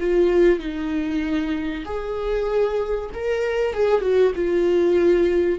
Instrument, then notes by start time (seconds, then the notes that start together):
viola
0.00 F4
0.59 D#4
1.86 G#4
3.14 A#4
3.74 G#4
4.01 F#4
4.36 F4